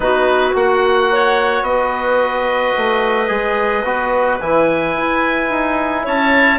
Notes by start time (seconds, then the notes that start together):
0.00 B3 D#4 F#4 B4
0.54 A#3 F#4 F#5
1.12 C#5
1.62 B3 B4 D#5
2.77 A3
3.28 G#3 G#4
3.83 B3 F#4
4.40 E3 E4 G#5
4.97 E4
5.50 D#4
6.04 C#4 C#5 A5